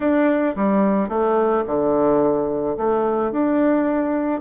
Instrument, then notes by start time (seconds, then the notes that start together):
bassoon
0.00 D4
0.55 G3
1.09 A3
1.66 D3
2.77 A3
3.31 D4